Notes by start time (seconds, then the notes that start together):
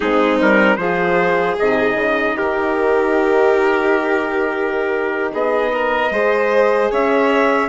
0.00 G#3 C4 D#4 G#4
0.40 G3 A#4
0.76 F3 F4 G#4 C5
1.58 C3 D#4 D#5
1.94 C#3
2.36 D#3 G4 A#4
5.32 B3 G#4 D#5
5.73 A#4
6.11 G#3 G#4 C5
6.91 C#4 C#5 E5